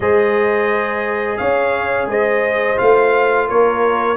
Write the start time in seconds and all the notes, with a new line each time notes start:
0.00 G#3 G#4 C5 D#5
1.37 C#4 C#5 F5
2.06 G#3 C5 D#5
2.76 A3 F4 F5
3.47 A#3 A#4 C#5